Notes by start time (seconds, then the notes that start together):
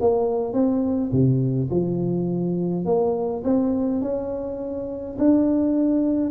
0.00 A#3
0.53 C4
1.12 C3
1.70 F3
2.85 A#3
3.44 C4
4.01 C#4
5.18 D4